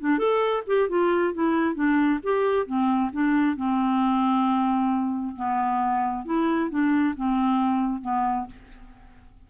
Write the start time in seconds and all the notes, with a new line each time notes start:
0.00 D4
0.19 A4
0.67 G4
0.89 F4
1.34 E4
1.75 D4
2.23 G4
2.66 C4
3.12 D4
3.56 C4
5.36 B3
6.25 E4
6.70 D4
7.16 C4
8.01 B3